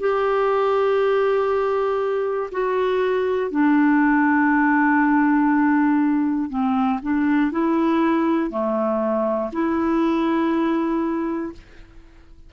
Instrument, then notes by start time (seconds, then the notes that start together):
clarinet
0.00 G4
2.51 F#4
3.50 D4
6.49 C4
7.02 D4
7.51 E4
8.50 A3
9.52 E4